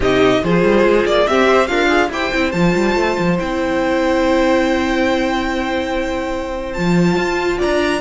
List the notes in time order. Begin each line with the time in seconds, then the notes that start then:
0.00 C3 D#4 G4 D#5
0.43 F3 F4 G#4 C5
0.63 G3
0.83 G#3
1.05 A#3 D5
1.27 C4 G4 E5
1.47 C5
1.66 D4 F4 A#4 F5
1.88 G#4
2.09 E4 G4 C5 G5
2.32 C4 E4
2.51 F3 F4 A5
2.75 G3
2.95 A3
3.18 F3
3.37 C4 E4 G5
6.73 F3 F4 A5
7.16 F4
7.58 D5 A#5
7.64 D4